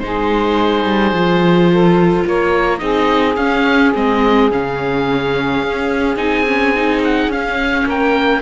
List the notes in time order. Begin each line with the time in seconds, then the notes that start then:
0.00 G#3 D#4 G#4 C5
0.85 G3
1.12 F3 F4
1.71 A4
2.27 A#3 A#4 C#5
2.79 C4 D#4 G#4 D#5
3.36 C#4 F5
3.95 G#3 C4 D#5
4.51 C#3 C#4 F5
5.63 C#4
6.17 C4 D#4 G#5
6.47 C#4
6.76 D#4
7.04 F#5
7.28 C#4 F5
7.86 A#3 A#4 G5